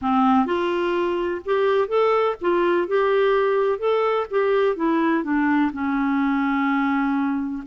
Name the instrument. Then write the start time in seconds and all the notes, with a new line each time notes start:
clarinet
0.01 C4
0.46 F4
1.45 G4
1.87 A4
2.41 F4
2.87 G4
3.78 A4
4.30 G4
4.76 E4
5.23 D4
5.72 C#4